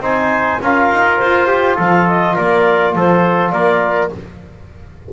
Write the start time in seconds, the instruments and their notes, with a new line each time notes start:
0.00 double bass C4, trombone D#4, trumpet C5, clarinet G#5
0.61 double bass C#4, trombone F4, trumpet A#4, clarinet F5
0.91 double bass D#4
1.17 double bass F4, clarinet C5
1.47 trumpet G4
1.75 double bass F3, trumpet A4, clarinet F5
2.07 clarinet D#5
2.34 double bass A#3, trumpet A#4, clarinet D5
2.95 double bass F3, trumpet A4, clarinet C5
3.51 double bass A#3, trumpet A#4, clarinet D5